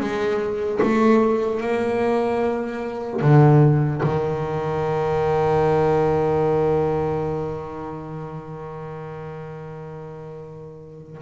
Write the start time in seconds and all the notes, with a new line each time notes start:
0.00 G#3
0.83 A3
1.61 A#3
3.22 D3
4.04 D#3